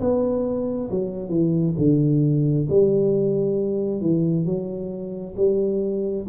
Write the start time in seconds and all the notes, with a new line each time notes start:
0.00 B3
0.90 F#3
1.29 E3
1.78 D3
2.69 G3
4.01 E3
4.45 F#3
5.36 G3